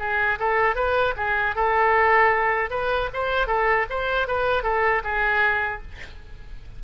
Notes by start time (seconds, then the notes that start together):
0.00 G#4
0.40 A4
0.76 B4
1.17 G#4
1.56 A4
2.71 B4
3.14 C5
3.47 A4
3.90 C5
4.28 B4
4.64 A4
5.04 G#4